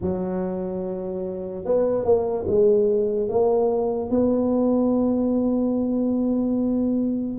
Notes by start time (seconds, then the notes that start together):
0.01 F#3
1.64 B3
2.04 A#3
2.47 G#3
3.28 A#3
4.10 B3